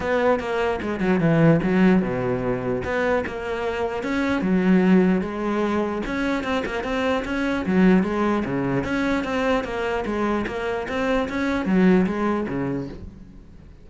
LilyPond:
\new Staff \with { instrumentName = "cello" } { \time 4/4 \tempo 4 = 149 b4 ais4 gis8 fis8 e4 | fis4 b,2 b4 | ais2 cis'4 fis4~ | fis4 gis2 cis'4 |
c'8 ais8 c'4 cis'4 fis4 | gis4 cis4 cis'4 c'4 | ais4 gis4 ais4 c'4 | cis'4 fis4 gis4 cis4 | }